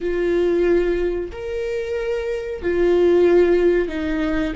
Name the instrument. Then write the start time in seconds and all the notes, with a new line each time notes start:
viola
0.00 F4
1.31 A#4
2.62 F4
3.88 D#4